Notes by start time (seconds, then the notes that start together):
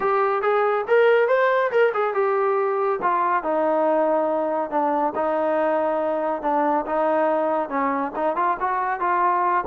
0.00 G4
0.42 G#4
0.87 A#4
1.28 C5
1.71 A#4
1.93 G#4
2.14 G4
3.01 F4
3.43 D#4
4.70 D4
5.15 D#4
6.42 D4
6.86 D#4
7.69 C#4
8.15 D#4
8.36 F4
8.60 F#4
9.00 F4